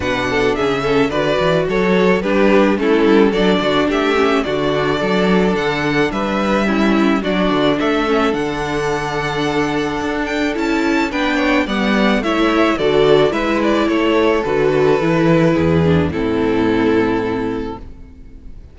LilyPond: <<
  \new Staff \with { instrumentName = "violin" } { \time 4/4 \tempo 4 = 108 fis''4 e''4 d''4 cis''4 | b'4 a'4 d''4 e''4 | d''2 fis''4 e''4~ | e''4 d''4 e''4 fis''4~ |
fis''2~ fis''8 g''8 a''4 | g''4 fis''4 e''4 d''4 | e''8 d''8 cis''4 b'2~ | b'4 a'2. | }
  \new Staff \with { instrumentName = "violin" } { \time 4/4 b'8 a'8 gis'8 a'8 b'4 a'4 | g'4 e'4 a'8 fis'8 g'4 | fis'4 a'2 b'4 | e'4 fis'4 a'2~ |
a'1 | b'8 cis''8 d''4 cis''4 a'4 | b'4 a'2. | gis'4 e'2. | }
  \new Staff \with { instrumentName = "viola" } { \time 4/4 d'4. cis'8 fis'2 | d'4 cis'4 d'4. cis'8 | d'1 | cis'4 d'4. cis'8 d'4~ |
d'2. e'4 | d'4 b4 e'4 fis'4 | e'2 fis'4 e'4~ | e'8 d'8 c'2. | }
  \new Staff \with { instrumentName = "cello" } { \time 4/4 b,4 cis4 d8 e8 fis4 | g4 a8 g8 fis8 d8 a4 | d4 fis4 d4 g4~ | g4 fis8 d8 a4 d4~ |
d2 d'4 cis'4 | b4 g4 a4 d4 | gis4 a4 d4 e4 | e,4 a,2. | }
>>